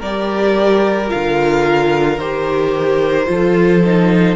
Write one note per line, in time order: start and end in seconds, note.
0.00 1.11 G3
0.00 1.09 G4
0.00 3.27 A#4
0.00 1.10 D5
1.09 2.19 D3
1.09 2.18 F4
1.09 2.20 F5
2.19 3.28 D#3
2.19 3.27 G4
2.19 4.37 C5
3.27 4.37 F3
3.27 3.81 F4
3.27 4.37 A4
3.85 4.37 D#4